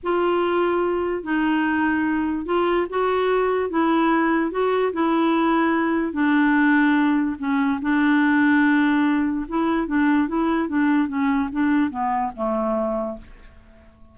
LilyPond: \new Staff \with { instrumentName = "clarinet" } { \time 4/4 \tempo 4 = 146 f'2. dis'4~ | dis'2 f'4 fis'4~ | fis'4 e'2 fis'4 | e'2. d'4~ |
d'2 cis'4 d'4~ | d'2. e'4 | d'4 e'4 d'4 cis'4 | d'4 b4 a2 | }